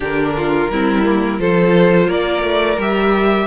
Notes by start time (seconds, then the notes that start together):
0.00 D3 D4 G4 A#4
0.37 F4
0.69 G3 C4 E4
1.03 A#3
1.36 F3 F4 A4 C5
2.07 A#3 A#4 D5
2.42 A3
2.77 G3 G4 E5